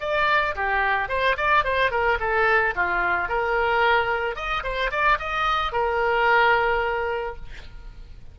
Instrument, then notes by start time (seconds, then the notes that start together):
oboe
0.00 D5
0.55 G4
1.09 C5
1.37 D5
1.64 C5
1.91 A#4
2.19 A4
2.75 F4
3.29 A#4
4.35 D#5
4.63 C5
4.91 D5
5.19 D#5
5.72 A#4